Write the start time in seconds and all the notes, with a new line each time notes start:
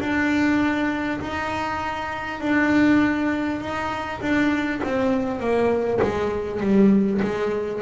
0.00 D4
1.21 D#4
2.40 D4
3.61 D#4
4.21 D4
4.83 C4
5.39 A#3
6.02 G#3
6.60 G3
7.21 G#3